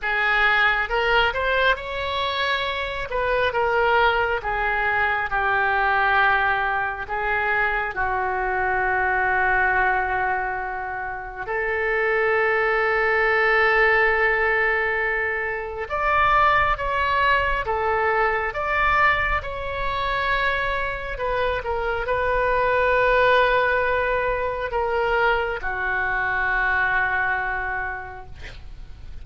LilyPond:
\new Staff \with { instrumentName = "oboe" } { \time 4/4 \tempo 4 = 68 gis'4 ais'8 c''8 cis''4. b'8 | ais'4 gis'4 g'2 | gis'4 fis'2.~ | fis'4 a'2.~ |
a'2 d''4 cis''4 | a'4 d''4 cis''2 | b'8 ais'8 b'2. | ais'4 fis'2. | }